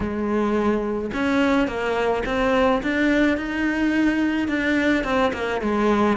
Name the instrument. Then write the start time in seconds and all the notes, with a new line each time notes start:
cello
0.00 G#3
1.13 C#4
1.67 A#3
2.25 C4
2.82 D4
3.37 D#4
4.48 D4
5.04 C4
5.33 A#3
5.61 G#3